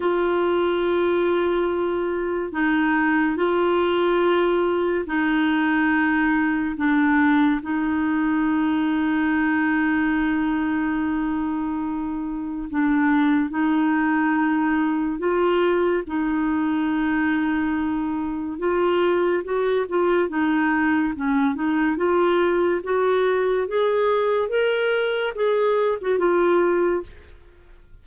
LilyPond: \new Staff \with { instrumentName = "clarinet" } { \time 4/4 \tempo 4 = 71 f'2. dis'4 | f'2 dis'2 | d'4 dis'2.~ | dis'2. d'4 |
dis'2 f'4 dis'4~ | dis'2 f'4 fis'8 f'8 | dis'4 cis'8 dis'8 f'4 fis'4 | gis'4 ais'4 gis'8. fis'16 f'4 | }